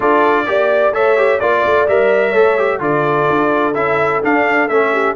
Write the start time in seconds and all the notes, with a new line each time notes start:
0.00 D4 F4 A4 D5
0.45 A#3 G4 D5
0.92 A3 A4 C#5 E5
1.17 G4
1.39 A#3 F4 D5
1.65 A3
1.87 G3 A#4 E5
2.29 A3 A4 C#5
2.57 G4
2.79 D3 F4 A4 D5
3.29 D4
3.74 C#4 E4 E5
4.22 D4 F5
4.68 A3 C#4 E5
4.91 G4